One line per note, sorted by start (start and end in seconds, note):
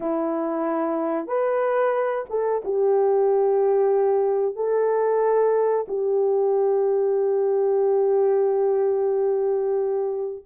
0.00 1.27 E4
1.27 2.24 B4
2.29 2.62 A4
2.64 4.55 G4
4.55 5.85 A4
5.88 10.44 G4